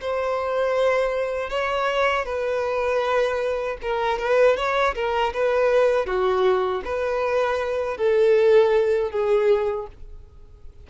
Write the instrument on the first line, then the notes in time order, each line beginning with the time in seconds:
violin
0.00 C5
1.49 C#5
2.25 B4
3.81 A#4
4.18 B4
4.56 C#5
4.95 A#4
5.33 B4
6.06 F#4
6.84 B4
7.97 A4
9.11 G#4